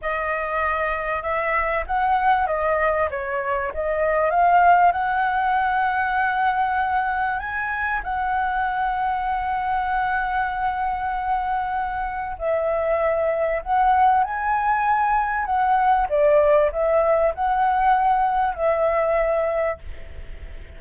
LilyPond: \new Staff \with { instrumentName = "flute" } { \time 4/4 \tempo 4 = 97 dis''2 e''4 fis''4 | dis''4 cis''4 dis''4 f''4 | fis''1 | gis''4 fis''2.~ |
fis''1 | e''2 fis''4 gis''4~ | gis''4 fis''4 d''4 e''4 | fis''2 e''2 | }